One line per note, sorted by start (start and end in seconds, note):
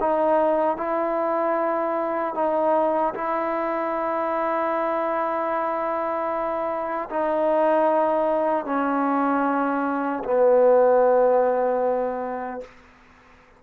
0.00 0.76 D#4
0.76 2.34 E4
2.34 3.13 D#4
3.14 7.09 E4
7.09 8.65 D#4
8.65 10.23 C#4
10.24 12.61 B3